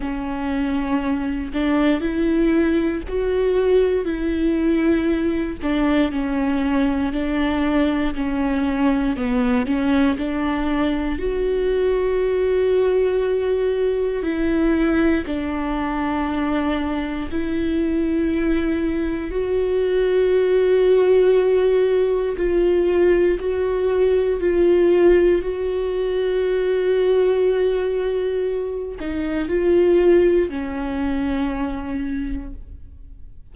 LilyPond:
\new Staff \with { instrumentName = "viola" } { \time 4/4 \tempo 4 = 59 cis'4. d'8 e'4 fis'4 | e'4. d'8 cis'4 d'4 | cis'4 b8 cis'8 d'4 fis'4~ | fis'2 e'4 d'4~ |
d'4 e'2 fis'4~ | fis'2 f'4 fis'4 | f'4 fis'2.~ | fis'8 dis'8 f'4 cis'2 | }